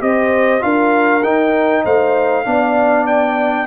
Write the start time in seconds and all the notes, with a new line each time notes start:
0.00 C4 G4 C5 D#5
0.61 D4 F4 A#4 F5
1.23 D#4 G5
1.84 A3 C5 F5
2.45 B3 D4 D5
3.07 G5